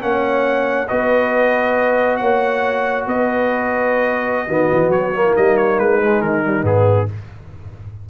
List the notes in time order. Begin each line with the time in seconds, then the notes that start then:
0.00 A#3 C#4 C#5 F#5
0.87 B3 F#4 B4 D#5
2.16 A#3 C#5 F#5
3.06 B3 B4 D#5
4.46 D#3 B3 F#4
4.71 E3
4.89 F#3 C#5
5.14 A#3
5.25 E4
5.33 G3 D#4 D#5
5.57 C#5
5.78 G#3 B4
6.01 G#3
6.20 D#3 A#4
6.43 G3
6.62 G#2 B3 G#4